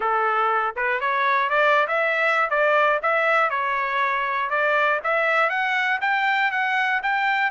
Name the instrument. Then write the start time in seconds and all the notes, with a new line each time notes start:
trumpet
0.00 A4
0.76 B4
1.00 C#5
1.49 D5
1.87 E5
2.50 D5
3.02 E5
3.50 C#5
4.50 D5
5.03 E5
5.49 F#5
6.01 G5
6.51 F#5
7.02 G5